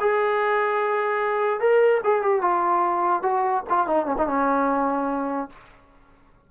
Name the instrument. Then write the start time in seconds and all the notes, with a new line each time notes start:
trombone
0.00 G#4
1.60 A#4
2.04 G#4
2.22 G4
2.41 F4
3.22 F#4
3.69 F4
3.87 D#4
4.06 C#4
4.17 D#4
4.27 C#4